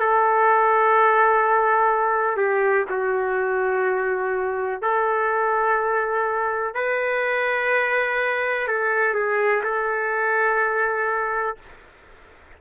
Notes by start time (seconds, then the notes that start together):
0.00 A4
2.37 G4
2.90 F#4
4.83 A4
6.75 B4
8.68 A4
9.15 G#4
9.64 A4